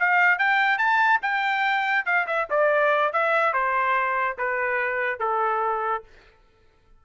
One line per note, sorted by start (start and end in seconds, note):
0.00 0.39 F5
0.39 0.78 G5
0.78 1.20 A5
1.22 2.06 G5
2.06 2.27 F5
2.27 2.48 E5
2.50 3.13 D5
3.13 3.54 E5
3.54 4.38 C5
4.38 5.20 B4
5.20 6.04 A4